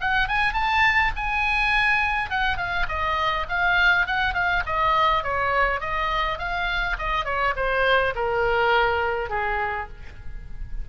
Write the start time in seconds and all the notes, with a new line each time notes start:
0.00 F#5
0.28 G#5
0.53 A5
1.16 G#5
2.30 F#5
2.57 F5
2.88 D#5
3.49 F5
4.06 F#5
4.34 F5
4.65 D#5
5.23 C#5
5.80 D#5
6.38 F5
6.98 D#5
7.24 C#5
7.55 C5
8.15 A#4
9.29 G#4